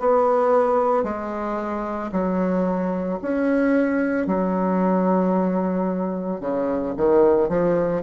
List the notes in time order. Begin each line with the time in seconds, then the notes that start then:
0.00 B3
1.04 G#3
2.13 F#3
3.23 C#4
4.28 F#3
6.41 C#3
6.97 D#3
7.50 F3